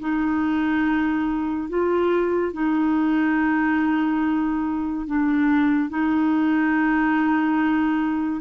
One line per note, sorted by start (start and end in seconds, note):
0.00 1.69 D#4
1.69 2.53 F4
2.53 5.07 D#4
5.07 5.90 D4
5.90 8.41 D#4